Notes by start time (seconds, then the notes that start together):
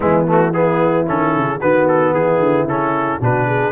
0.00 E3 G#3 B3 E4
0.27 A3 F#4
0.53 B3 E4 G#4
1.06 D#3 C#4 A4
1.36 C#3
1.59 D#3 B3 F#4 B4
1.87 A4
2.14 E3 E4 G#4
2.39 D3
2.64 C#3 C#4 A4
3.20 B2 D4 F#4 B4
3.46 G#4